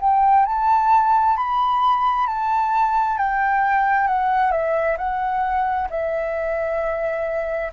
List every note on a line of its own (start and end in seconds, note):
0.00 0.45 G5
0.45 1.36 A5
1.36 2.27 B5
2.27 3.17 A5
3.17 4.07 G5
4.07 4.51 F#5
4.51 4.97 E5
4.97 5.88 F#5
5.90 7.71 E5